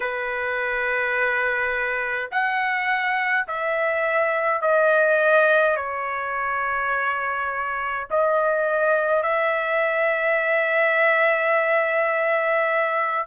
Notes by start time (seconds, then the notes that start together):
0.00 B4
2.31 F#5
3.47 E5
4.61 D#5
5.76 C#5
8.10 D#5
9.23 E5